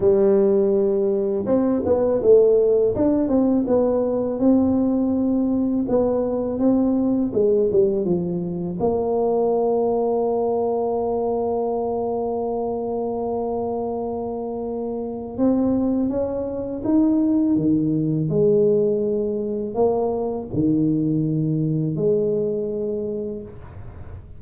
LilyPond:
\new Staff \with { instrumentName = "tuba" } { \time 4/4 \tempo 4 = 82 g2 c'8 b8 a4 | d'8 c'8 b4 c'2 | b4 c'4 gis8 g8 f4 | ais1~ |
ais1~ | ais4 c'4 cis'4 dis'4 | dis4 gis2 ais4 | dis2 gis2 | }